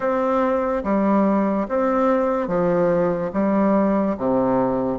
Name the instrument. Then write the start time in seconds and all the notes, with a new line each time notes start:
bassoon
0.00 C4
0.83 G3
1.68 C4
2.47 F3
3.33 G3
4.17 C3